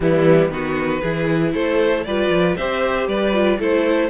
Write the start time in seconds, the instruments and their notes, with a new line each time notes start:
0.00 cello E3, viola G3, violin B3 E4
0.49 cello D#3, viola B3, violin F#4 B4
1.01 cello E3, viola E4, violin G#4
1.54 cello A3, violin A4 C5
2.04 cello G3, viola F4, violin B4 D5
2.29 cello F3
2.56 cello C4, viola G4, violin C5 E5
3.07 cello G3, violin B4 D5
3.32 viola F4
3.58 cello A3, viola E4, violin A4 C5